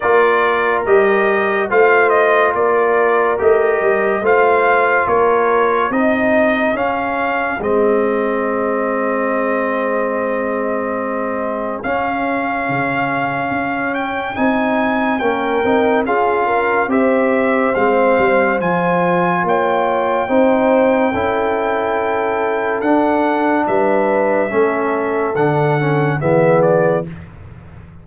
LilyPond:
<<
  \new Staff \with { instrumentName = "trumpet" } { \time 4/4 \tempo 4 = 71 d''4 dis''4 f''8 dis''8 d''4 | dis''4 f''4 cis''4 dis''4 | f''4 dis''2.~ | dis''2 f''2~ |
f''8 g''8 gis''4 g''4 f''4 | e''4 f''4 gis''4 g''4~ | g''2. fis''4 | e''2 fis''4 e''8 d''8 | }
  \new Staff \with { instrumentName = "horn" } { \time 4/4 ais'2 c''4 ais'4~ | ais'4 c''4 ais'4 gis'4~ | gis'1~ | gis'1~ |
gis'2 ais'4 gis'8 ais'8 | c''2. cis''4 | c''4 a'2. | b'4 a'2 gis'4 | }
  \new Staff \with { instrumentName = "trombone" } { \time 4/4 f'4 g'4 f'2 | g'4 f'2 dis'4 | cis'4 c'2.~ | c'2 cis'2~ |
cis'4 dis'4 cis'8 dis'8 f'4 | g'4 c'4 f'2 | dis'4 e'2 d'4~ | d'4 cis'4 d'8 cis'8 b4 | }
  \new Staff \with { instrumentName = "tuba" } { \time 4/4 ais4 g4 a4 ais4 | a8 g8 a4 ais4 c'4 | cis'4 gis2.~ | gis2 cis'4 cis4 |
cis'4 c'4 ais8 c'8 cis'4 | c'4 gis8 g8 f4 ais4 | c'4 cis'2 d'4 | g4 a4 d4 e4 | }
>>